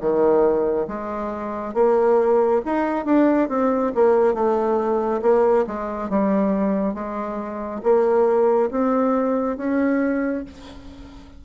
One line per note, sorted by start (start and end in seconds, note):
0.00 0.87 D#3
0.87 1.74 G#3
1.74 2.61 A#3
2.65 3.05 D#4
3.05 3.49 D4
3.49 3.92 C4
3.94 4.34 A#3
4.34 5.21 A3
5.21 5.65 A#3
5.66 6.09 G#3
6.09 6.94 G3
6.94 7.81 G#3
7.83 8.70 A#3
8.70 9.57 C4
9.57 10.44 C#4